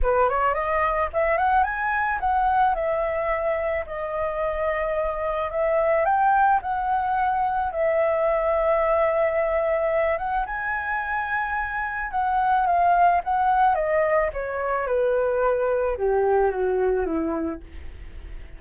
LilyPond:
\new Staff \with { instrumentName = "flute" } { \time 4/4 \tempo 4 = 109 b'8 cis''8 dis''4 e''8 fis''8 gis''4 | fis''4 e''2 dis''4~ | dis''2 e''4 g''4 | fis''2 e''2~ |
e''2~ e''8 fis''8 gis''4~ | gis''2 fis''4 f''4 | fis''4 dis''4 cis''4 b'4~ | b'4 g'4 fis'4 e'4 | }